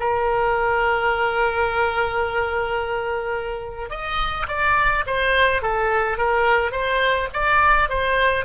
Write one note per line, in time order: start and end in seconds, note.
0.00 3.90 A#4
3.90 4.47 D#5
4.48 5.05 D5
5.07 5.62 C5
5.62 6.18 A4
6.18 6.72 A#4
6.72 7.29 C5
7.34 7.89 D5
7.89 8.45 C5